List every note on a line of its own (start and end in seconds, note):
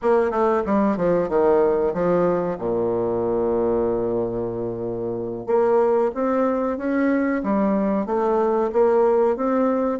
0.02 0.30 A#3
0.30 0.62 A3
0.65 0.96 G3
0.96 1.28 F3
1.28 1.93 D#3
1.93 2.58 F3
2.58 5.46 A#2
5.46 6.11 A#3
6.14 6.77 C4
6.77 7.42 C#4
7.43 8.06 G3
8.06 8.70 A3
8.72 9.36 A#3
9.36 9.99 C4